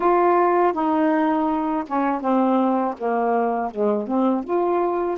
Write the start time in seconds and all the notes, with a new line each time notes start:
0.00 F4
0.72 D#4
1.87 C#4
2.21 C4
2.98 A#3
3.70 G#3
4.07 C4
4.43 F4